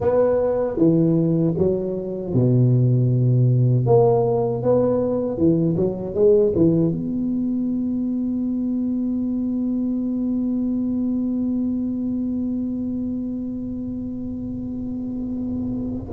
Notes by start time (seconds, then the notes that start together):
0.00 B3
0.77 E3
1.57 F#3
2.33 B2
3.86 A#3
4.62 B3
5.37 E3
5.76 F#3
6.14 G#3
6.55 E3
6.91 B3